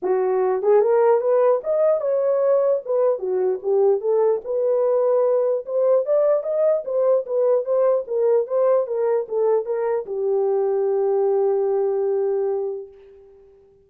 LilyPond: \new Staff \with { instrumentName = "horn" } { \time 4/4 \tempo 4 = 149 fis'4. gis'8 ais'4 b'4 | dis''4 cis''2 b'4 | fis'4 g'4 a'4 b'4~ | b'2 c''4 d''4 |
dis''4 c''4 b'4 c''4 | ais'4 c''4 ais'4 a'4 | ais'4 g'2.~ | g'1 | }